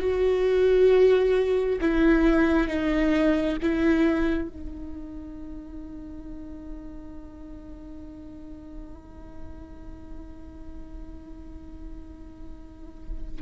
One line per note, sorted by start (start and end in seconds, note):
0.00 1.79 F#4
1.81 2.67 E4
2.67 3.57 D#4
3.62 4.49 E4
4.49 13.42 D#4